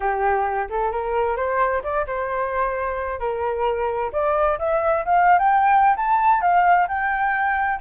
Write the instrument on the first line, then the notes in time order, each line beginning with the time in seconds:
flute
0.00 G4
0.69 A4
0.91 A#4
1.36 C5
1.83 D5
2.06 C5
3.19 A#4
4.12 D5
4.58 E5
5.05 F5
5.38 G5
5.96 A5
6.41 F5
6.87 G5